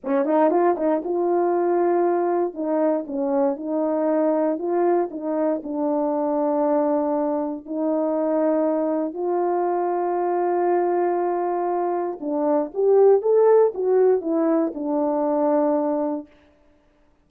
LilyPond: \new Staff \with { instrumentName = "horn" } { \time 4/4 \tempo 4 = 118 cis'8 dis'8 f'8 dis'8 f'2~ | f'4 dis'4 cis'4 dis'4~ | dis'4 f'4 dis'4 d'4~ | d'2. dis'4~ |
dis'2 f'2~ | f'1 | d'4 g'4 a'4 fis'4 | e'4 d'2. | }